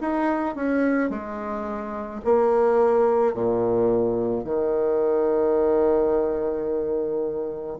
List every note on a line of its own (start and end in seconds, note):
0.00 0.55 D#4
0.55 1.10 C#4
1.10 2.21 G#3
2.24 3.33 A#3
3.33 4.43 A#2
4.43 7.77 D#3